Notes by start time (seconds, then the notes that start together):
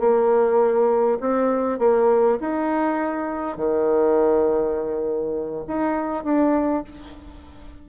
0.00 A#3
1.21 C4
1.79 A#3
2.41 D#4
3.57 D#3
5.67 D#4
6.24 D4